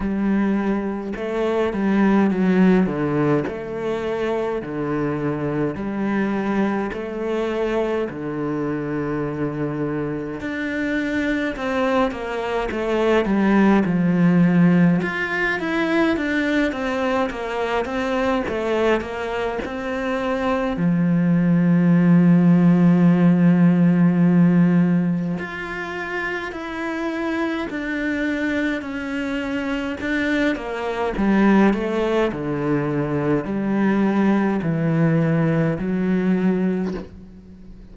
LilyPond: \new Staff \with { instrumentName = "cello" } { \time 4/4 \tempo 4 = 52 g4 a8 g8 fis8 d8 a4 | d4 g4 a4 d4~ | d4 d'4 c'8 ais8 a8 g8 | f4 f'8 e'8 d'8 c'8 ais8 c'8 |
a8 ais8 c'4 f2~ | f2 f'4 e'4 | d'4 cis'4 d'8 ais8 g8 a8 | d4 g4 e4 fis4 | }